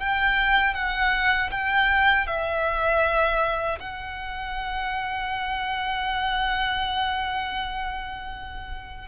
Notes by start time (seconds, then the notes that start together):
0.00 G5
0.74 F#5
1.51 G5
2.27 E5
3.80 F#5